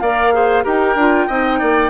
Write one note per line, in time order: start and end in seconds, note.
0.00 0.65 A#3
0.00 0.33 A#4
0.00 0.34 D5
0.00 0.64 F5
0.33 0.63 G#4
0.33 0.63 C5
0.63 0.95 D#4
0.63 0.95 G4
0.63 1.27 A#4
0.63 1.90 G5
0.95 1.27 D4
0.95 1.29 F4
1.27 1.61 C4
1.27 1.90 D#4
1.27 1.59 D#5
1.59 1.90 A#3
1.59 1.90 D5